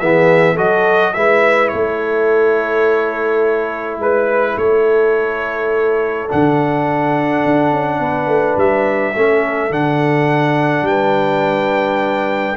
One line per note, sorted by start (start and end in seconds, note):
0.00 0.58 E3
0.00 0.57 B3
0.00 0.54 G#4
0.00 0.57 E5
0.54 1.16 F#3
0.54 1.14 F#4
0.54 1.11 A4
0.54 1.14 D#5
1.14 1.73 G#3
1.14 6.29 E4
1.14 1.74 B4
1.14 1.69 E5
1.69 3.98 A3
1.69 4.01 A4
1.69 3.97 C#5
3.98 4.55 G#3
3.98 4.58 B4
4.57 6.28 A3
4.57 7.99 A4
4.57 6.30 C#5
6.29 7.45 D3
6.29 9.15 D4
6.29 8.59 F#5
7.45 7.72 D4
7.72 8.00 C#4
7.99 8.27 B3
7.99 9.14 B4
8.27 8.56 A3
8.57 9.14 G3
8.57 9.73 E5
9.16 9.71 A3
9.16 9.71 C#4
9.16 10.87 A4
9.71 10.82 D3
9.71 12.57 D4
9.71 10.86 F#5
10.82 12.54 G3
10.82 12.57 B4
10.82 12.57 G5